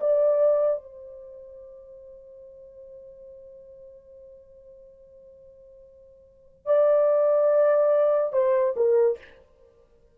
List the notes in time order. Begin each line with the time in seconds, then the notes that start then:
0.00 D5
0.83 C5
6.66 D5
8.33 C5
8.76 A#4